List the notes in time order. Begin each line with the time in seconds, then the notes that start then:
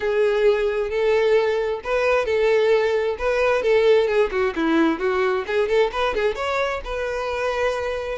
0.00 G#4
0.90 A4
1.83 B4
2.25 A4
3.18 B4
3.62 A4
4.07 G#4
4.31 F#4
4.55 E4
4.99 F#4
5.46 G#4
5.68 A4
5.92 B4
6.14 G#4
6.35 C#5
6.84 B4